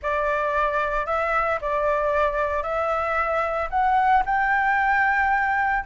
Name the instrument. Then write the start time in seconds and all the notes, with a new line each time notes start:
flute
0.02 D5
1.06 E5
1.61 D5
2.62 E5
3.70 F#5
4.25 G5